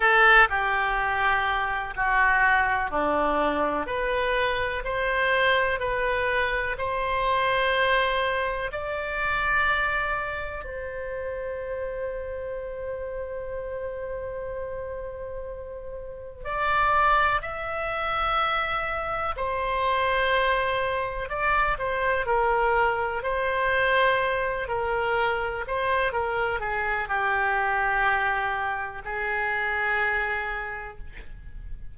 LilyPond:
\new Staff \with { instrumentName = "oboe" } { \time 4/4 \tempo 4 = 62 a'8 g'4. fis'4 d'4 | b'4 c''4 b'4 c''4~ | c''4 d''2 c''4~ | c''1~ |
c''4 d''4 e''2 | c''2 d''8 c''8 ais'4 | c''4. ais'4 c''8 ais'8 gis'8 | g'2 gis'2 | }